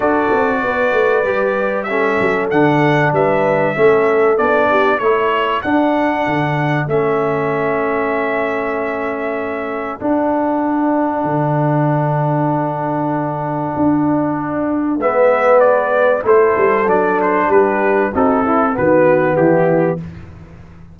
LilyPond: <<
  \new Staff \with { instrumentName = "trumpet" } { \time 4/4 \tempo 4 = 96 d''2. e''4 | fis''4 e''2 d''4 | cis''4 fis''2 e''4~ | e''1 |
fis''1~ | fis''1 | e''4 d''4 c''4 d''8 c''8 | b'4 a'4 b'4 g'4 | }
  \new Staff \with { instrumentName = "horn" } { \time 4/4 a'4 b'2 a'4~ | a'4 b'4 a'4. g'8 | a'1~ | a'1~ |
a'1~ | a'1 | b'2 a'2 | g'4 fis'8 e'8 fis'4 e'4 | }
  \new Staff \with { instrumentName = "trombone" } { \time 4/4 fis'2 g'4 cis'4 | d'2 cis'4 d'4 | e'4 d'2 cis'4~ | cis'1 |
d'1~ | d'1 | b2 e'4 d'4~ | d'4 dis'8 e'8 b2 | }
  \new Staff \with { instrumentName = "tuba" } { \time 4/4 d'8 c'8 b8 a8 g4. fis8 | d4 g4 a4 b4 | a4 d'4 d4 a4~ | a1 |
d'2 d2~ | d2 d'2 | gis2 a8 g8 fis4 | g4 c'4 dis4 e4 | }
>>